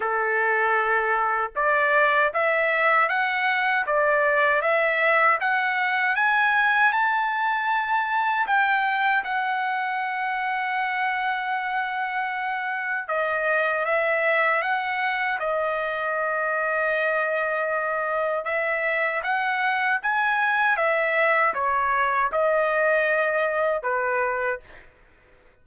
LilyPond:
\new Staff \with { instrumentName = "trumpet" } { \time 4/4 \tempo 4 = 78 a'2 d''4 e''4 | fis''4 d''4 e''4 fis''4 | gis''4 a''2 g''4 | fis''1~ |
fis''4 dis''4 e''4 fis''4 | dis''1 | e''4 fis''4 gis''4 e''4 | cis''4 dis''2 b'4 | }